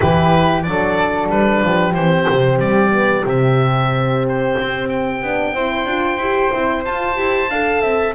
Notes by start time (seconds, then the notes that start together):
0.00 E3 E4 G4 B4
0.62 F#3 D4 D5
0.69 A4
1.28 G3 B4
1.62 F3 G4
1.94 E3 C4 C5
2.29 C3
2.59 G3 D5
2.91 B3
3.25 C3 C4 E5
4.28 C5
4.60 C4
4.88 G5
5.22 B3 D4
5.54 C4 E4 C5
5.85 D4 F4
6.17 E4 G4
6.52 C4 E4
6.85 F4 A5
7.15 E4 G4
7.49 D4 A4 F5
7.81 C4 E5